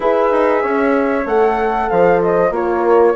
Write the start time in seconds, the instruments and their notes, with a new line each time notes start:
0.00 bassoon E4, horn G#4 B4, flute E5
0.31 bassoon D#4
0.62 bassoon C#4, horn C#5
1.25 bassoon A3, horn A4, flute F#5
1.89 bassoon F3, horn C5, flute F5
2.22 flute D#5
2.50 bassoon A#3, horn F4 A#4, flute C#5